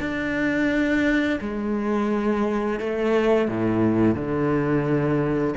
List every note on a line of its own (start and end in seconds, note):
0.00 1.40 D4
1.41 2.80 G#3
2.80 3.49 A3
3.49 4.15 A2
4.15 5.55 D3